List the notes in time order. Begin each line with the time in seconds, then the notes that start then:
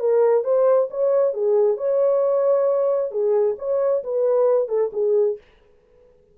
0.00 A#4
0.44 C5
0.91 C#5
1.34 G#4
1.77 C#5
3.11 G#4
3.59 C#5
4.04 B4
4.69 A4
4.93 G#4